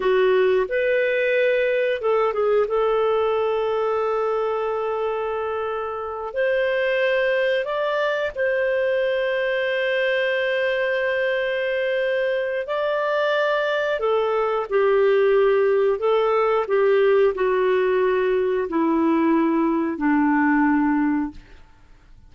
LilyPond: \new Staff \with { instrumentName = "clarinet" } { \time 4/4 \tempo 4 = 90 fis'4 b'2 a'8 gis'8 | a'1~ | a'4. c''2 d''8~ | d''8 c''2.~ c''8~ |
c''2. d''4~ | d''4 a'4 g'2 | a'4 g'4 fis'2 | e'2 d'2 | }